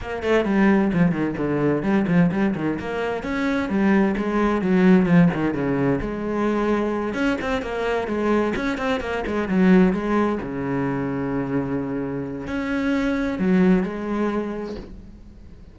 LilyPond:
\new Staff \with { instrumentName = "cello" } { \time 4/4 \tempo 4 = 130 ais8 a8 g4 f8 dis8 d4 | g8 f8 g8 dis8 ais4 cis'4 | g4 gis4 fis4 f8 dis8 | cis4 gis2~ gis8 cis'8 |
c'8 ais4 gis4 cis'8 c'8 ais8 | gis8 fis4 gis4 cis4.~ | cis2. cis'4~ | cis'4 fis4 gis2 | }